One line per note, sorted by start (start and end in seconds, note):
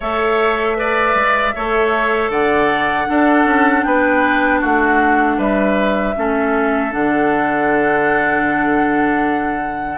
0.00 1.14 A3
0.00 0.76 A4
0.00 0.77 C#5
0.00 2.31 E5
0.76 1.53 B4
0.76 1.55 D5
1.14 1.53 G#3
1.55 2.29 A3
1.55 3.06 A4
1.55 2.30 C#5
2.29 3.06 D3
2.29 3.07 D5
2.29 3.83 F#5
3.06 6.13 D4
3.06 3.44 D4
3.06 3.85 A4
3.44 3.83 C#4
3.83 4.62 B3
3.83 4.60 B4
3.83 4.60 G5
4.60 5.38 A3
4.60 5.37 F#4
4.60 5.39 F#5
5.38 6.15 G3
5.38 6.15 B4
5.38 6.92 E5
6.16 6.93 A3
6.16 6.90 C#4
6.16 9.98 A4
6.90 9.98 D3
6.90 9.98 D4
6.90 9.98 F#5